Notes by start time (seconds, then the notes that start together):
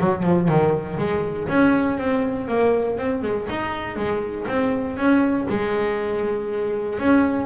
0.00 F#3
0.23 F3
0.49 D#3
0.98 G#3
1.48 C#4
1.99 C4
2.48 A#3
2.98 C4
3.23 G#3
3.50 D#4
3.96 G#3
4.48 C4
4.97 C#4
5.49 G#3
6.99 C#4